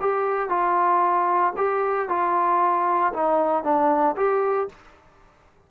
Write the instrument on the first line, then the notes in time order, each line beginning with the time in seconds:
trombone
0.00 G4
0.49 F4
1.56 G4
2.08 F4
3.13 D#4
3.63 D4
4.16 G4